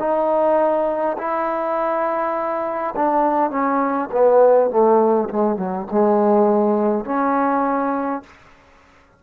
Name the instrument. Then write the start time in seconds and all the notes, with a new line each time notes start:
trombone
0.00 D#4
1.18 E4
2.96 D4
3.51 C#4
4.12 B3
4.71 A3
5.30 G#3
5.57 F#3
5.91 G#3
7.05 C#4